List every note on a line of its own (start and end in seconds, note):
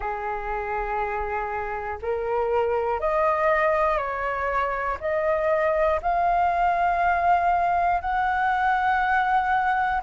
0.00 1.97 G#4
2.01 3.00 A#4
3.00 3.97 D#5
3.97 4.97 C#5
5.00 6.00 D#5
6.01 8.00 F5
8.00 10.00 F#5